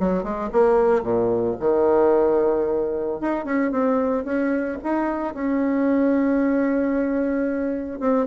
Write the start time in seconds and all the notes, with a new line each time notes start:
0.00 F#3
0.23 G#3
0.53 A#3
1.03 A#2
1.60 D#3
3.21 D#4
3.45 C#4
3.72 C4
4.25 C#4
4.84 D#4
5.34 C#4
8.00 C4